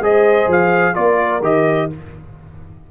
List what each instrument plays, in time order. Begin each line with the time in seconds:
0.00 tuba G#3, trombone G#4, horn C5, trumpet D#5
0.47 tuba F3, trumpet F5
0.94 tuba A#3, trombone F4, horn A#4, trumpet D5
1.42 tuba D#3, trombone G4, trumpet D#5